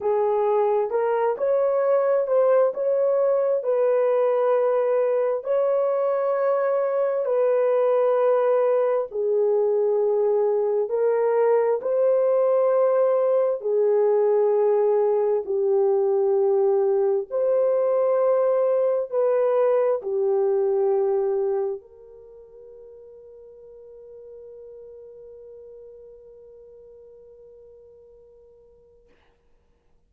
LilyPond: \new Staff \with { instrumentName = "horn" } { \time 4/4 \tempo 4 = 66 gis'4 ais'8 cis''4 c''8 cis''4 | b'2 cis''2 | b'2 gis'2 | ais'4 c''2 gis'4~ |
gis'4 g'2 c''4~ | c''4 b'4 g'2 | ais'1~ | ais'1 | }